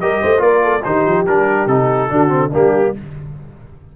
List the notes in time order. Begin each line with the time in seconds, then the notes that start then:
0.00 G3 G4 A#4 D#5
0.22 A3 C5
0.38 A#3 F4 A#4 D5
0.63 A4
0.84 D#3 D#4 G4 C5
1.06 F3
1.26 G3 D4 A#4
1.66 C3 D#4 A4
2.09 D3 D4 F#4
2.28 C4
2.50 G3 A#3 D4 G4